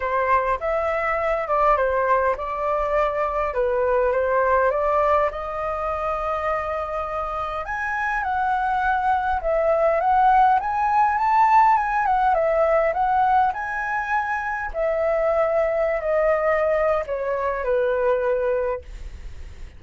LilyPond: \new Staff \with { instrumentName = "flute" } { \time 4/4 \tempo 4 = 102 c''4 e''4. d''8 c''4 | d''2 b'4 c''4 | d''4 dis''2.~ | dis''4 gis''4 fis''2 |
e''4 fis''4 gis''4 a''4 | gis''8 fis''8 e''4 fis''4 gis''4~ | gis''4 e''2~ e''16 dis''8.~ | dis''4 cis''4 b'2 | }